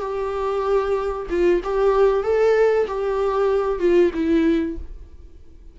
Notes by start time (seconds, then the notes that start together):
0.00 G4
1.29 F4
1.64 G4
2.23 A4
2.87 G4
3.79 F4
4.13 E4